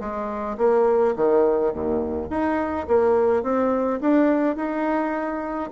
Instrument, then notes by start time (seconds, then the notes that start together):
bassoon
0.00 G#3
0.58 A#3
1.16 D#3
1.73 D#2
2.30 D#4
2.88 A#3
3.43 C4
4.01 D4
4.56 D#4